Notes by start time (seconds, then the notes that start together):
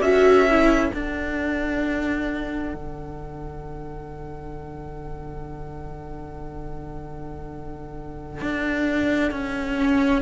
0.00 C#4 F#4 A4 E5
0.49 E4
0.91 D4 F#5
2.74 D3
8.41 D4
9.31 C#4
9.77 C#4